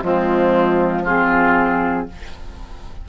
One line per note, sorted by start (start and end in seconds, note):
0.00 2.06 F3
0.00 1.02 G#3
0.00 1.03 C4
0.00 1.05 F4
1.03 2.08 C4
1.03 2.05 F4
1.03 2.08 G#4